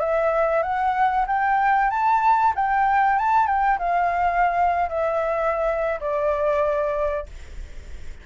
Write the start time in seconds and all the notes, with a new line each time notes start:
0.00 E5
0.63 F#5
1.27 G5
1.91 A5
2.56 G5
3.19 A5
3.47 G5
3.79 F5
4.89 E5
6.00 D5